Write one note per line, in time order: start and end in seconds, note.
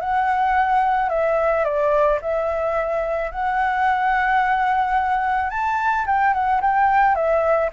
0.00 1.09 F#5
1.09 1.64 E5
1.64 2.19 D5
2.21 3.31 E5
3.31 5.50 F#5
5.50 6.05 A5
6.06 6.33 G5
6.33 6.61 F#5
6.61 7.15 G5
7.15 7.70 E5